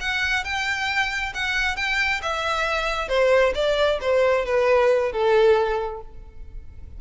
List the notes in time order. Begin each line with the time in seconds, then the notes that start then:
0.00 F#5
0.44 G5
1.34 F#5
1.76 G5
2.22 E5
3.08 C5
3.54 D5
4.01 C5
4.45 B4
5.12 A4